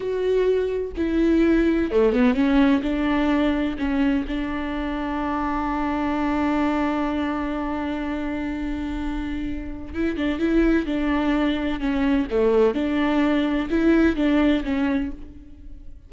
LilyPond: \new Staff \with { instrumentName = "viola" } { \time 4/4 \tempo 4 = 127 fis'2 e'2 | a8 b8 cis'4 d'2 | cis'4 d'2.~ | d'1~ |
d'1~ | d'4 e'8 d'8 e'4 d'4~ | d'4 cis'4 a4 d'4~ | d'4 e'4 d'4 cis'4 | }